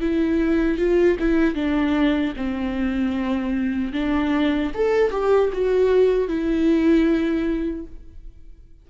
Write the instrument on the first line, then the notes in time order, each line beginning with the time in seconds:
viola
0.00 E4
0.78 F4
1.19 E4
1.54 D4
2.36 C4
3.93 D4
4.74 A4
5.11 G4
5.52 F#4
6.28 E4